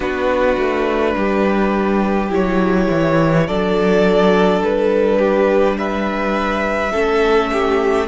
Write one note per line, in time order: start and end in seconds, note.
0.00 0.56 B3
0.00 2.29 D4
0.00 1.15 F#4
0.00 2.30 B4
0.57 1.15 A3
1.16 2.30 G3
1.16 3.47 G4
2.29 2.88 F#3
2.29 3.45 E4
2.29 3.47 C#5
2.90 3.48 E3
3.45 4.61 F#3
3.45 6.92 D4
3.45 5.19 A4
3.45 4.62 D5
4.61 6.91 G3
4.61 5.78 B4
5.19 5.76 G4
5.77 6.92 B4
5.77 8.07 E5
6.92 8.07 A3
6.92 8.07 C#4
6.92 7.50 A4
7.52 8.07 G4